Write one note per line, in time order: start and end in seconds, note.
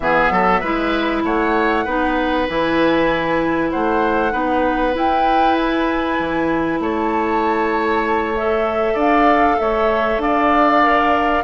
0.00 0.30 E3
0.00 0.63 B3
0.00 0.32 G#4
0.00 1.23 E5
0.30 0.61 F#3
0.30 0.60 A4
0.60 1.23 G#3
0.60 1.87 E4
0.60 1.22 B4
1.23 1.85 A3
1.23 1.84 C#5
1.23 2.48 F#5
1.84 2.47 B3
1.84 2.48 D#4
1.84 3.70 B4
2.48 3.72 E3
2.48 4.31 E4
2.48 3.70 G#5
3.70 4.33 A3
3.70 4.32 C5
3.70 4.94 F#5
4.31 4.95 B3
4.31 4.93 D#4
4.31 6.79 B4
4.93 8.34 E4
4.93 6.18 E4
4.93 5.56 G5
5.56 6.79 G#5
6.19 6.79 E3
6.79 8.94 A3
6.79 8.93 C#5
6.79 8.35 A5
8.35 10.82 A4
8.35 8.97 E5
8.93 9.56 D4
8.93 9.55 D5
8.93 9.58 F5
9.58 10.17 A3
9.58 10.22 C#5
9.58 10.20 E5
10.17 11.41 D4
10.17 11.44 D5
10.17 11.44 F5
10.82 11.44 A#4